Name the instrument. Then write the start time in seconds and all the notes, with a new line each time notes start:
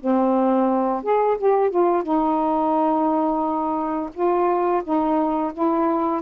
saxophone
0.00 C4
1.03 G#4
1.38 G4
1.70 F4
2.03 D#4
4.13 F4
4.83 D#4
5.53 E4